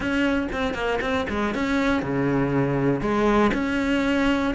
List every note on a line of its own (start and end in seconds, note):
0.00 0.47 C#4
0.52 0.73 C4
0.73 0.99 A#3
1.01 1.26 C4
1.29 1.54 G#3
1.54 2.02 C#4
2.02 3.00 C#3
3.00 3.51 G#3
3.53 4.54 C#4